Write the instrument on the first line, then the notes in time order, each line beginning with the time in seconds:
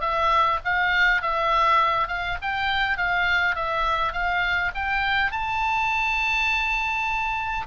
oboe
0.00 E5
0.64 F5
1.21 E5
2.07 F5
2.41 G5
2.97 F5
3.55 E5
4.12 F5
4.74 G5
5.31 A5